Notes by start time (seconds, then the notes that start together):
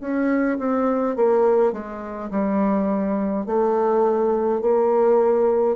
0.00 C#4
0.58 C4
1.16 A#3
1.72 G#3
2.30 G3
3.46 A3
4.61 A#3